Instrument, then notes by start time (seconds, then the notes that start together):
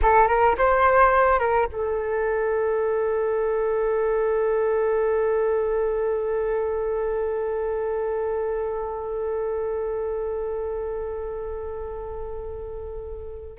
flute
0.02 A4
0.27 A#4
0.58 C5
1.39 A#4
1.72 A4